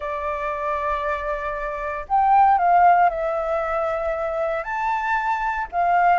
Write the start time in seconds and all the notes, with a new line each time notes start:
0.00 D5
2.08 G5
2.57 F5
3.09 E5
4.63 A5
5.72 F5